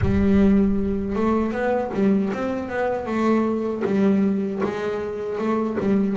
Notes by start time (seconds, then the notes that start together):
0.01 G3
1.15 A3
1.52 B3
1.93 G3
2.33 C4
2.69 B3
3.06 A3
3.85 G3
4.63 G#3
5.38 A3
5.80 G3